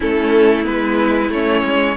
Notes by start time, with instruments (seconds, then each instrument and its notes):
0.00 cello A3, viola C#4, violin E4 A4
0.64 cello G#3, viola B3, violin B4
1.29 cello A3, viola C#4, violin C#5
1.63 cello G#3